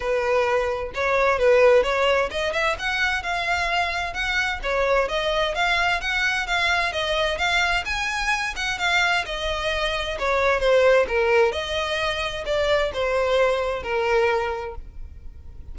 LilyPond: \new Staff \with { instrumentName = "violin" } { \time 4/4 \tempo 4 = 130 b'2 cis''4 b'4 | cis''4 dis''8 e''8 fis''4 f''4~ | f''4 fis''4 cis''4 dis''4 | f''4 fis''4 f''4 dis''4 |
f''4 gis''4. fis''8 f''4 | dis''2 cis''4 c''4 | ais'4 dis''2 d''4 | c''2 ais'2 | }